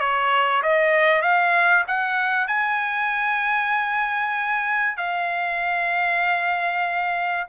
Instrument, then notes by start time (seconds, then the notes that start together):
trumpet
0.00 C#5
0.63 D#5
1.22 F5
1.88 F#5
2.48 G#5
4.97 F5